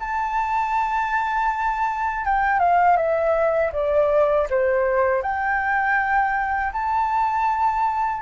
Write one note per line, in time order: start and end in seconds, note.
0.00 2.25 A5
2.25 2.59 G5
2.59 2.97 F5
2.97 3.72 E5
3.73 4.48 D5
4.50 5.22 C5
5.22 6.72 G5
6.73 8.22 A5